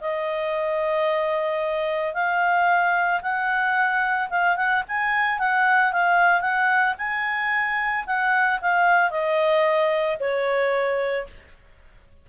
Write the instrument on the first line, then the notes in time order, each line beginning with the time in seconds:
clarinet
0.00 D#5
2.14 F5
3.22 F#5
4.30 F5
4.56 F#5
4.88 G#5
5.39 F#5
5.92 F5
6.41 F#5
6.98 G#5
8.06 F#5
8.61 F5
9.10 D#5
10.19 C#5